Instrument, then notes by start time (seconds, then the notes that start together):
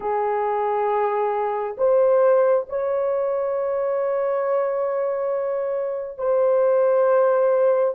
horn
0.00 G#4
1.77 C5
2.69 C#5
6.18 C5